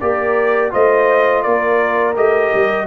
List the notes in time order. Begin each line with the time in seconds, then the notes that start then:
0.00 A#3 G4 A#4 D5
0.70 A3 F4 C5 D#5
1.42 A#3 A#4 D5
2.15 A3 G4 D#5
2.54 G3